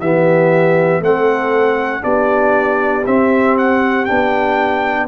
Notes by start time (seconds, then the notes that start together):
0.00 E3 B3 G4 E5
1.01 A3 C4 A4 F#5
2.01 B3 D4 G4 D5
3.06 C4 E5
3.58 F#5
4.05 B3 D4 G5